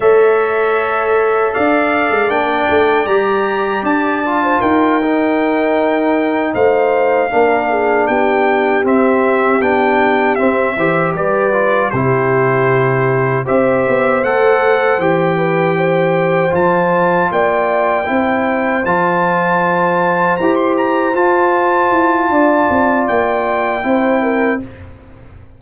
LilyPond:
<<
  \new Staff \with { instrumentName = "trumpet" } { \time 4/4 \tempo 4 = 78 e''2 f''4 g''4 | ais''4 a''4 g''2~ | g''8 f''2 g''4 e''8~ | e''8 g''4 e''4 d''4 c''8~ |
c''4. e''4 fis''4 g''8~ | g''4. a''4 g''4.~ | g''8 a''2 ais''16 c'''16 ais''8 a''8~ | a''2 g''2 | }
  \new Staff \with { instrumentName = "horn" } { \time 4/4 cis''2 d''2~ | d''4.~ d''16 c''16 ais'2~ | ais'8 c''4 ais'8 gis'8 g'4.~ | g'2 c''8 b'4 g'8~ |
g'4. c''2~ c''8 | b'8 c''2 d''4 c''8~ | c''1~ | c''4 d''2 c''8 ais'8 | }
  \new Staff \with { instrumentName = "trombone" } { \time 4/4 a'2. d'4 | g'4. f'4 dis'4.~ | dis'4. d'2 c'8~ | c'8 d'4 c'8 g'4 f'8 e'8~ |
e'4. g'4 a'4 g'8~ | g'4. f'2 e'8~ | e'8 f'2 g'4 f'8~ | f'2. e'4 | }
  \new Staff \with { instrumentName = "tuba" } { \time 4/4 a2 d'8. gis16 ais8 a8 | g4 d'4 dis'2~ | dis'8 a4 ais4 b4 c'8~ | c'8 b4 c'8 e8 g4 c8~ |
c4. c'8 b8 a4 e8~ | e4. f4 ais4 c'8~ | c'8 f2 e'4 f'8~ | f'8 e'8 d'8 c'8 ais4 c'4 | }
>>